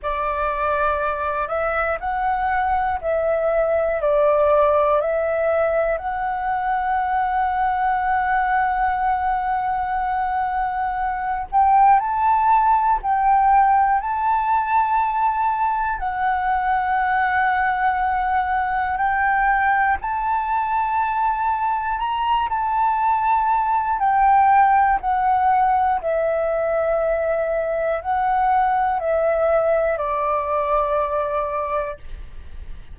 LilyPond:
\new Staff \with { instrumentName = "flute" } { \time 4/4 \tempo 4 = 60 d''4. e''8 fis''4 e''4 | d''4 e''4 fis''2~ | fis''2.~ fis''8 g''8 | a''4 g''4 a''2 |
fis''2. g''4 | a''2 ais''8 a''4. | g''4 fis''4 e''2 | fis''4 e''4 d''2 | }